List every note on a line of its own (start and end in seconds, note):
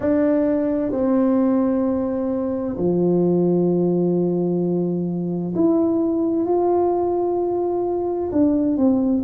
0.00 0.91 D4
0.91 2.76 C4
2.77 5.53 F3
5.55 6.45 E4
6.45 8.30 F4
8.32 8.77 D4
8.77 9.23 C4